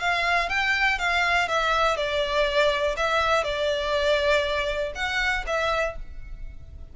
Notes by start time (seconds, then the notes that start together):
0.00 F5
0.49 G5
0.99 F5
1.48 E5
1.96 D5
2.97 E5
3.44 D5
4.95 F#5
5.46 E5